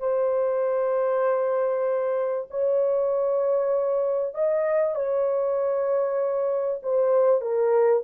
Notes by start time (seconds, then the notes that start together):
0.00 C5
2.51 C#5
4.35 D#5
4.96 C#5
6.83 C5
7.42 A#4